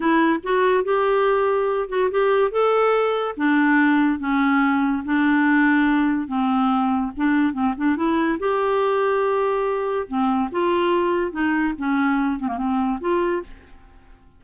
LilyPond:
\new Staff \with { instrumentName = "clarinet" } { \time 4/4 \tempo 4 = 143 e'4 fis'4 g'2~ | g'8 fis'8 g'4 a'2 | d'2 cis'2 | d'2. c'4~ |
c'4 d'4 c'8 d'8 e'4 | g'1 | c'4 f'2 dis'4 | cis'4. c'16 ais16 c'4 f'4 | }